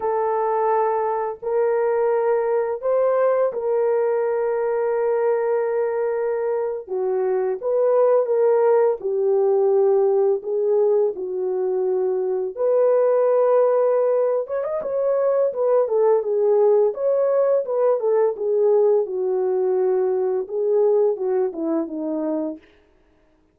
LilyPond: \new Staff \with { instrumentName = "horn" } { \time 4/4 \tempo 4 = 85 a'2 ais'2 | c''4 ais'2.~ | ais'4.~ ais'16 fis'4 b'4 ais'16~ | ais'8. g'2 gis'4 fis'16~ |
fis'4.~ fis'16 b'2~ b'16~ | b'8 cis''16 dis''16 cis''4 b'8 a'8 gis'4 | cis''4 b'8 a'8 gis'4 fis'4~ | fis'4 gis'4 fis'8 e'8 dis'4 | }